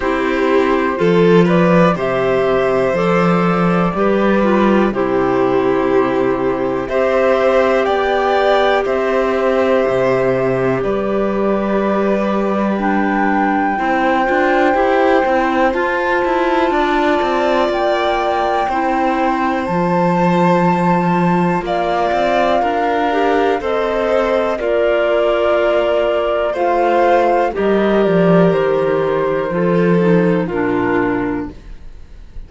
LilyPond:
<<
  \new Staff \with { instrumentName = "flute" } { \time 4/4 \tempo 4 = 61 c''4. d''8 e''4 d''4~ | d''4 c''2 e''4 | g''4 e''2 d''4~ | d''4 g''2. |
a''2 g''2 | a''2 f''2 | dis''4 d''2 f''4 | dis''8 d''8 c''2 ais'4 | }
  \new Staff \with { instrumentName = "violin" } { \time 4/4 g'4 a'8 b'8 c''2 | b'4 g'2 c''4 | d''4 c''2 b'4~ | b'2 c''2~ |
c''4 d''2 c''4~ | c''2 d''4 ais'4 | c''4 f'2 c''4 | ais'2 a'4 f'4 | }
  \new Staff \with { instrumentName = "clarinet" } { \time 4/4 e'4 f'4 g'4 a'4 | g'8 f'8 e'2 g'4~ | g'1~ | g'4 d'4 e'8 f'8 g'8 e'8 |
f'2. e'4 | f'2.~ f'8 g'8 | a'4 ais'2 f'4 | g'2 f'8 dis'8 d'4 | }
  \new Staff \with { instrumentName = "cello" } { \time 4/4 c'4 f4 c4 f4 | g4 c2 c'4 | b4 c'4 c4 g4~ | g2 c'8 d'8 e'8 c'8 |
f'8 e'8 d'8 c'8 ais4 c'4 | f2 ais8 c'8 d'4 | c'4 ais2 a4 | g8 f8 dis4 f4 ais,4 | }
>>